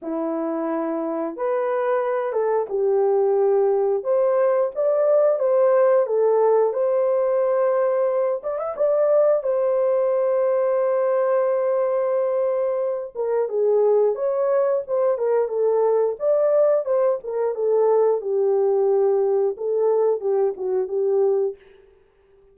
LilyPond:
\new Staff \with { instrumentName = "horn" } { \time 4/4 \tempo 4 = 89 e'2 b'4. a'8 | g'2 c''4 d''4 | c''4 a'4 c''2~ | c''8 d''16 e''16 d''4 c''2~ |
c''2.~ c''8 ais'8 | gis'4 cis''4 c''8 ais'8 a'4 | d''4 c''8 ais'8 a'4 g'4~ | g'4 a'4 g'8 fis'8 g'4 | }